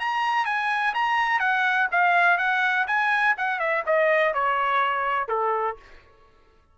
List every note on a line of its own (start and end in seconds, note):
0.00 0.46 A#5
0.46 0.94 G#5
0.94 1.40 A#5
1.40 1.88 F#5
1.92 2.38 F5
2.38 2.87 F#5
2.87 3.36 G#5
3.37 3.59 F#5
3.59 3.84 E5
3.86 4.34 D#5
4.34 5.29 C#5
5.29 5.77 A4